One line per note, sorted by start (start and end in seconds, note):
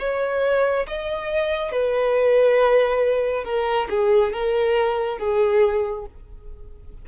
0.00 0.87 C#5
0.88 1.72 D#5
1.72 3.45 B4
3.45 3.89 A#4
3.90 4.34 G#4
4.34 5.19 A#4
5.19 6.06 G#4